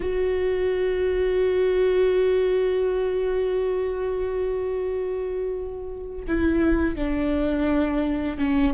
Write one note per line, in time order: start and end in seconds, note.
0.00 6.25 F#4
6.27 6.95 E4
6.95 8.38 D4
8.38 8.73 C#4